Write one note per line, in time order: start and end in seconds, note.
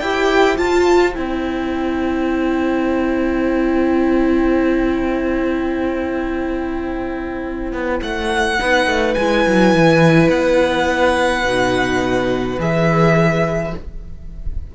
0.00 0.58 E4
0.00 0.57 G4
0.00 8.60 C5
0.00 0.57 G5
0.57 1.14 F4
0.57 1.16 F4
0.57 1.14 A5
1.14 7.73 C4
1.14 8.57 E4
1.14 8.00 G5
7.73 8.01 B3
8.03 8.60 A3
8.03 9.14 F#5
8.59 8.87 B3
8.59 9.16 D#4
8.59 13.75 B4
8.87 9.16 A3
9.14 9.47 G#3
9.14 10.29 G#5
9.20 11.46 E4
9.47 9.75 F#3
9.75 10.29 E3
10.29 11.44 B3
10.29 12.59 F#5
11.44 12.59 B2
11.44 12.59 D#4
12.59 13.74 E3
12.59 13.74 G#4
12.59 13.76 E5